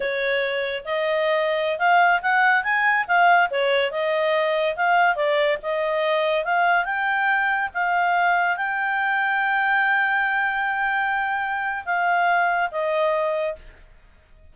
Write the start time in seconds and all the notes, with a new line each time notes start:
0.00 C#5
0.85 D#5
1.78 F5
2.22 F#5
2.63 G#5
3.07 F5
3.50 C#5
3.91 D#5
4.76 F5
5.15 D5
5.62 D#5
6.44 F5
6.85 G5
7.74 F5
8.56 G5
11.85 F5
12.71 D#5